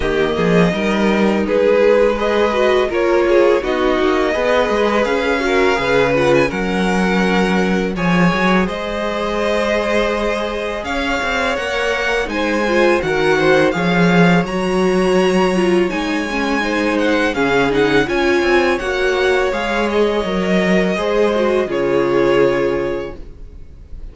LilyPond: <<
  \new Staff \with { instrumentName = "violin" } { \time 4/4 \tempo 4 = 83 dis''2 b'4 dis''4 | cis''4 dis''2 f''4~ | f''8 fis''16 gis''16 fis''2 gis''4 | dis''2. f''4 |
fis''4 gis''4 fis''4 f''4 | ais''2 gis''4. fis''8 | f''8 fis''8 gis''4 fis''4 f''8 dis''8~ | dis''2 cis''2 | }
  \new Staff \with { instrumentName = "violin" } { \time 4/4 g'8 gis'8 ais'4 gis'4 b'4 | ais'8 gis'8 fis'4 b'4. ais'8 | b'4 ais'2 cis''4 | c''2. cis''4~ |
cis''4 c''4 ais'8 c''8 cis''4~ | cis''2. c''4 | gis'4 cis''2.~ | cis''4 c''4 gis'2 | }
  \new Staff \with { instrumentName = "viola" } { \time 4/4 ais4 dis'2 gis'8 fis'8 | f'4 dis'4 gis'4. fis'8 | gis'8 f'8 cis'2 gis'4~ | gis'1 |
ais'4 dis'8 f'8 fis'4 gis'4 | fis'4. f'8 dis'8 cis'8 dis'4 | cis'8 dis'8 f'4 fis'4 gis'4 | ais'4 gis'8 fis'8 f'2 | }
  \new Staff \with { instrumentName = "cello" } { \time 4/4 dis8 f8 g4 gis2 | ais4 b8 ais8 b8 gis8 cis'4 | cis4 fis2 f8 fis8 | gis2. cis'8 c'8 |
ais4 gis4 dis4 f4 | fis2 gis2 | cis4 cis'8 c'8 ais4 gis4 | fis4 gis4 cis2 | }
>>